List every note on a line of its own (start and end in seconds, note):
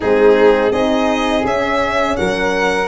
0.00 0.72 G#3
0.00 0.72 C4
0.00 0.71 D#4
0.00 0.72 G#4
0.71 1.44 C4
0.71 1.44 D#4
0.71 2.16 G#4
0.71 1.44 D#5
1.45 2.17 C#4
1.45 2.87 C#4
1.45 2.16 E5
2.16 2.87 F#3
2.16 2.87 A#4
2.16 2.87 F#5